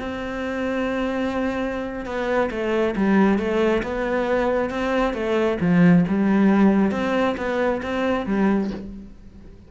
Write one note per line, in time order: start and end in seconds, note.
0.00 2.06 C4
2.06 2.50 B3
2.51 2.95 A3
2.96 3.39 G3
3.39 3.83 A3
3.83 4.70 B3
4.70 5.14 C4
5.14 5.58 A3
5.61 6.05 F3
6.08 6.92 G3
6.92 7.36 C4
7.37 7.81 B3
7.82 8.27 C4
8.27 8.71 G3